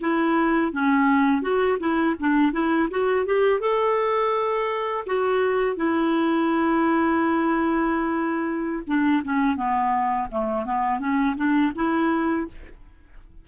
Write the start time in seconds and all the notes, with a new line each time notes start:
0.00 E4
0.72 C#4
1.42 F#4
1.79 E4
2.19 D4
2.52 E4
2.90 F#4
3.26 G4
3.60 A4
5.06 F#4
5.76 E4
8.87 D4
9.24 C#4
9.56 B3
10.31 A3
10.65 B3
10.99 C#4
11.36 D4
11.75 E4